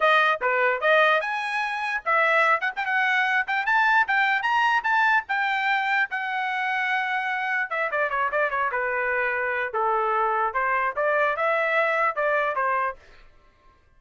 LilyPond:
\new Staff \with { instrumentName = "trumpet" } { \time 4/4 \tempo 4 = 148 dis''4 b'4 dis''4 gis''4~ | gis''4 e''4. fis''16 g''16 fis''4~ | fis''8 g''8 a''4 g''4 ais''4 | a''4 g''2 fis''4~ |
fis''2. e''8 d''8 | cis''8 d''8 cis''8 b'2~ b'8 | a'2 c''4 d''4 | e''2 d''4 c''4 | }